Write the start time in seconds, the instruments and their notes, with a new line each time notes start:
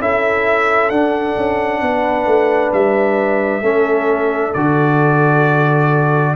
0.00 tuba C#4, trombone E4, horn A4, trumpet E5
0.90 tuba D4, trombone D4, trumpet F#5
1.37 tuba C#4
1.82 tuba B3, horn B4
2.26 tuba A3
2.73 tuba G3, trumpet E5
3.61 tuba A3, trombone C#4, horn A4
4.53 tuba D3, trombone F#4, trumpet D5